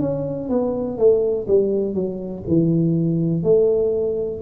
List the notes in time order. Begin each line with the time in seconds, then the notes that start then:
0.00 C#4
0.49 B3
0.98 A3
1.48 G3
1.94 F#3
2.47 E3
3.43 A3